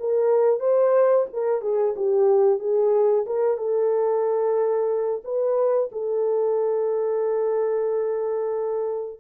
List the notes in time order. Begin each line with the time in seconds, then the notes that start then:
0.00 A#4
0.60 C5
1.33 A#4
1.62 G#4
1.97 G4
2.60 G#4
3.27 A#4
3.58 A4
5.24 B4
5.92 A4